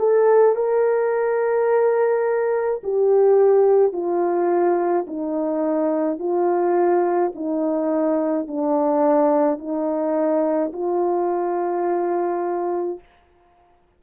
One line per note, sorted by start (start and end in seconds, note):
0.00 0.56 A4
0.56 2.82 A#4
2.84 3.93 G4
3.93 5.06 F4
5.07 6.19 D#4
6.19 7.32 F4
7.35 8.48 D#4
8.48 9.59 D4
9.59 10.72 D#4
10.73 13.00 F4